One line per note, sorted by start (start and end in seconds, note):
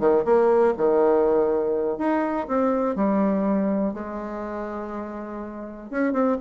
0.00 0.25 D#3
0.25 0.74 A#3
0.77 1.98 D#3
1.98 2.47 D#4
2.48 2.96 C4
2.96 3.94 G3
3.94 5.91 G#3
5.91 6.13 C#4
6.13 6.38 C4